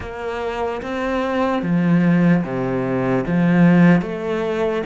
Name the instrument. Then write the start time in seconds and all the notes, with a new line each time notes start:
cello
0.00 A#3
0.81 C4
1.62 F3
2.43 C3
3.27 F3
4.01 A3